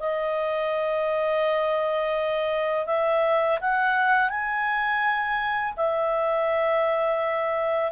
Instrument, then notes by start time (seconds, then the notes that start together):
clarinet
0.00 D#5
2.87 E5
3.61 F#5
4.30 G#5
5.77 E5